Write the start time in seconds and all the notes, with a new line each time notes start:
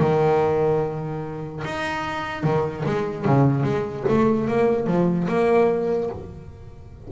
0.00 D#3
1.65 D#4
2.43 D#3
2.86 G#3
3.25 C#3
3.64 G#3
4.09 A3
4.48 A#3
4.87 F3
5.28 A#3